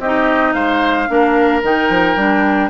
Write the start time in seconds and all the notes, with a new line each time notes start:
0.00 C4 D#4 G4 D#5
0.53 G#3 C5 F5
1.09 A#3 D4 A#4
1.63 D#3 D#4 G5
1.90 F3
2.16 G3 D4